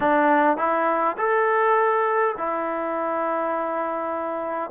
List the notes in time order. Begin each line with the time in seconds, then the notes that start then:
0.00 D4
0.57 E4
1.17 A4
2.37 E4